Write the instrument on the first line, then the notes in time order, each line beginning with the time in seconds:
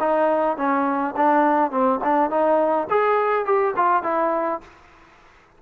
trombone
0.00 D#4
0.57 C#4
1.17 D4
1.71 C4
2.03 D4
2.30 D#4
2.90 G#4
3.45 G4
3.76 F4
4.03 E4